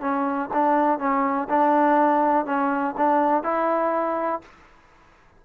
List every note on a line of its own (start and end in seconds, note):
0.00 0.49 C#4
0.53 0.99 D4
0.99 1.48 C#4
1.49 2.45 D4
2.45 2.94 C#4
2.97 3.43 D4
3.43 4.41 E4